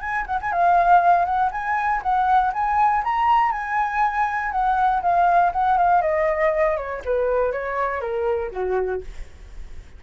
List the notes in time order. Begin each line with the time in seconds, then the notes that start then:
0.00 G#5
0.26 F#5
0.41 G#5
0.52 F5
1.25 F#5
1.51 G#5
2.02 F#5
2.53 G#5
3.04 A#5
3.51 G#5
4.51 F#5
5.02 F5
5.52 F#5
5.77 F5
6.01 D#5
6.77 C#5
7.05 B4
7.52 C#5
8.00 A#4
8.51 F#4